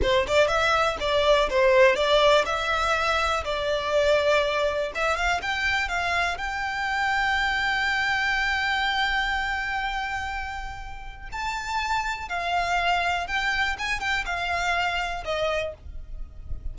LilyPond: \new Staff \with { instrumentName = "violin" } { \time 4/4 \tempo 4 = 122 c''8 d''8 e''4 d''4 c''4 | d''4 e''2 d''4~ | d''2 e''8 f''8 g''4 | f''4 g''2.~ |
g''1~ | g''2. a''4~ | a''4 f''2 g''4 | gis''8 g''8 f''2 dis''4 | }